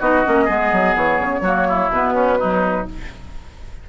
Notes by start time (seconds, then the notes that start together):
0.00 B3 D#4 F#4 D#5
0.25 A#3 C#4
0.45 G#3 B3 G#4
0.72 F#3
0.96 E3 C#5
1.20 C#3
1.41 F#3 A#3 F#4
1.69 E4
1.90 B2 B3 B4
2.14 C#4
2.40 F#3 D#4